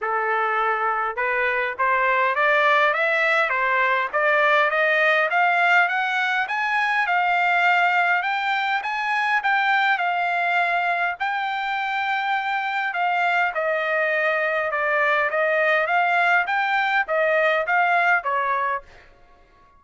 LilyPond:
\new Staff \with { instrumentName = "trumpet" } { \time 4/4 \tempo 4 = 102 a'2 b'4 c''4 | d''4 e''4 c''4 d''4 | dis''4 f''4 fis''4 gis''4 | f''2 g''4 gis''4 |
g''4 f''2 g''4~ | g''2 f''4 dis''4~ | dis''4 d''4 dis''4 f''4 | g''4 dis''4 f''4 cis''4 | }